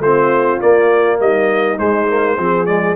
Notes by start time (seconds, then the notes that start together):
0.00 A3 C4 F4 C5
0.62 A#3 D5
1.20 G3 D#4 D#5
1.78 G#3 C5
2.08 A#3
2.38 F3 C4 G#4
2.66 G#3 D5